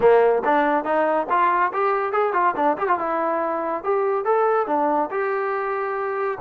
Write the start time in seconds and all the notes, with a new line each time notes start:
0.00 A#3
0.44 D4
0.84 D#4
1.29 F4
1.73 G4
2.12 G#4
2.33 F4
2.56 D4
2.77 G4
2.88 F4
2.98 E4
3.83 G4
4.25 A4
4.67 D4
5.10 G4